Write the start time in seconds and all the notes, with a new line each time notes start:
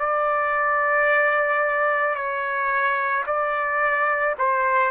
0.00 D5
2.16 C#5
3.27 D5
4.39 C5